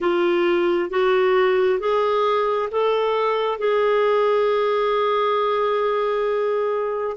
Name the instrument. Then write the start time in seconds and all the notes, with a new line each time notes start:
clarinet
0.00 F4
0.90 F#4
1.79 G#4
2.71 A4
3.58 G#4